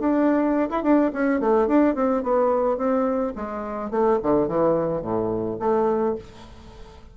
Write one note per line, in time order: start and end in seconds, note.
0.00 0.70 D4
0.70 0.84 E4
0.84 1.12 D4
1.13 1.41 C#4
1.41 1.68 A3
1.68 1.95 D4
1.95 2.23 C4
2.23 2.78 B3
2.78 3.34 C4
3.36 3.91 G#3
3.91 4.19 A3
4.23 4.48 D3
4.48 5.02 E3
5.02 5.58 A2
5.60 6.16 A3